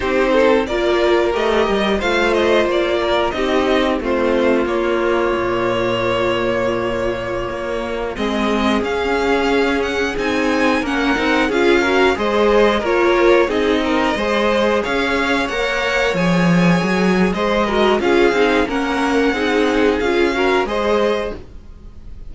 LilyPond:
<<
  \new Staff \with { instrumentName = "violin" } { \time 4/4 \tempo 4 = 90 c''4 d''4 dis''4 f''8 dis''8 | d''4 dis''4 c''4 cis''4~ | cis''1~ | cis''16 dis''4 f''4. fis''8 gis''8.~ |
gis''16 fis''4 f''4 dis''4 cis''8.~ | cis''16 dis''2 f''4 fis''8.~ | fis''16 gis''4.~ gis''16 dis''4 f''4 | fis''2 f''4 dis''4 | }
  \new Staff \with { instrumentName = "violin" } { \time 4/4 g'8 a'8 ais'2 c''4~ | c''8 ais'8 g'4 f'2~ | f'1~ | f'16 gis'2.~ gis'8.~ |
gis'16 ais'4 gis'8 ais'8 c''4 ais'8.~ | ais'16 gis'8 ais'8 c''4 cis''4.~ cis''16~ | cis''2 c''8 ais'8 gis'4 | ais'4 gis'4. ais'8 c''4 | }
  \new Staff \with { instrumentName = "viola" } { \time 4/4 dis'4 f'4 g'4 f'4~ | f'4 dis'4 c'4 ais4~ | ais1~ | ais16 c'4 cis'2 dis'8.~ |
dis'16 cis'8 dis'8 f'8 fis'8 gis'4 f'8.~ | f'16 dis'4 gis'2 ais'8.~ | ais'16 gis'2~ gis'16 fis'8 f'8 dis'8 | cis'4 dis'4 f'8 fis'8 gis'4 | }
  \new Staff \with { instrumentName = "cello" } { \time 4/4 c'4 ais4 a8 g8 a4 | ais4 c'4 a4 ais4 | ais,2.~ ais,16 ais8.~ | ais16 gis4 cis'2 c'8.~ |
c'16 ais8 c'8 cis'4 gis4 ais8.~ | ais16 c'4 gis4 cis'4 ais8.~ | ais16 f4 fis8. gis4 cis'8 c'8 | ais4 c'4 cis'4 gis4 | }
>>